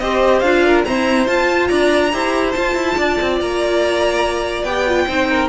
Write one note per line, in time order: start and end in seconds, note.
0.00 0.42 C4
0.00 0.44 G4
0.00 0.66 C5
0.00 0.40 D#5
0.40 0.84 D4
0.40 0.86 F4
0.40 0.82 F5
0.66 0.86 A#4
0.85 1.26 C4
0.85 1.28 E4
0.85 1.69 C5
0.85 1.27 A#5
1.26 2.11 F4
1.26 1.70 F4
1.26 1.67 A5
1.67 2.13 D4
1.67 2.11 D5
1.67 2.52 A#5
2.13 2.55 E4
2.13 2.55 G4
2.13 2.97 C5
2.52 4.67 F4
2.52 2.75 F4
2.52 3.36 A5
2.75 2.96 E4
2.97 3.19 D4
2.97 5.06 D5
3.21 3.41 C4
3.41 4.63 A#3
3.41 4.64 A#5
4.63 5.05 B3
4.63 4.87 G4
4.63 5.48 G5
4.87 5.08 F4
5.06 5.49 C4
5.06 5.49 D#4
5.06 5.27 C5
5.30 5.49 A#4